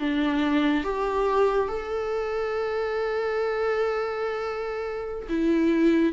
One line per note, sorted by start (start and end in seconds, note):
0.00 0.84 D4
0.84 1.68 G4
1.68 5.27 A4
5.29 6.13 E4